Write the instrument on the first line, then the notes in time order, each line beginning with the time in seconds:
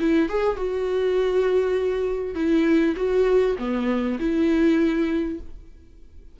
viola
0.00 E4
0.29 G#4
0.57 F#4
2.35 E4
2.96 F#4
3.59 B3
4.19 E4